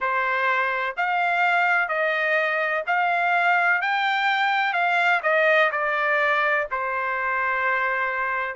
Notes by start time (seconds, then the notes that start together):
0.00 C5
0.97 F5
1.88 D#5
2.87 F5
3.81 G5
4.73 F5
5.23 D#5
5.71 D5
6.71 C5